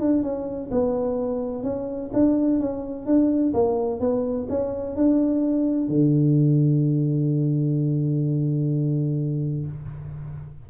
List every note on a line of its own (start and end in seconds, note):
0.00 0.23 D4
0.23 0.70 C#4
0.71 1.63 B3
1.63 2.10 C#4
2.13 2.60 D4
2.60 3.06 C#4
3.06 3.53 D4
3.53 4.00 A#3
4.00 4.47 B3
4.49 4.96 C#4
4.96 5.88 D4
5.88 9.66 D3